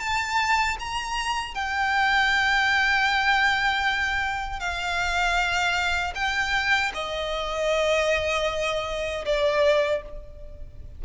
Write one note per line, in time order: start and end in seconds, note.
0.00 0.77 A5
0.79 1.55 A#5
1.55 4.60 G5
4.60 6.14 F5
6.15 6.92 G5
6.94 9.25 D#5
9.26 10.02 D5